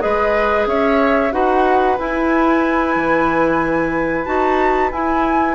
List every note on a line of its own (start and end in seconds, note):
0.00 0.67 G#3
0.00 1.30 G#4
0.00 0.69 B4
0.00 0.66 D#5
0.67 1.32 C#4
0.67 1.34 C#5
0.67 1.33 E5
1.32 1.98 D#4
1.32 1.97 F#4
1.32 5.56 B4
1.32 1.98 F#5
1.98 4.26 E4
1.98 2.96 E4
1.98 4.25 G#5
2.96 4.26 E3
4.25 4.92 D#4
4.25 4.91 F#4
4.25 4.90 A5
4.92 5.56 E4
4.92 5.56 G#5